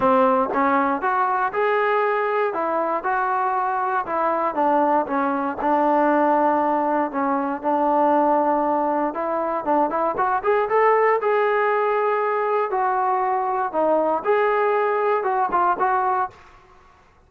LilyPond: \new Staff \with { instrumentName = "trombone" } { \time 4/4 \tempo 4 = 118 c'4 cis'4 fis'4 gis'4~ | gis'4 e'4 fis'2 | e'4 d'4 cis'4 d'4~ | d'2 cis'4 d'4~ |
d'2 e'4 d'8 e'8 | fis'8 gis'8 a'4 gis'2~ | gis'4 fis'2 dis'4 | gis'2 fis'8 f'8 fis'4 | }